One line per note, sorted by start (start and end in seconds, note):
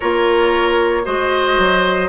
0.00 1.06 A#3
0.00 1.04 F4
0.00 1.02 A#4
0.00 1.05 C#5
1.04 1.58 G#3
1.04 2.09 F#4
1.04 2.09 C5
1.04 2.09 D#5
1.58 2.09 F#3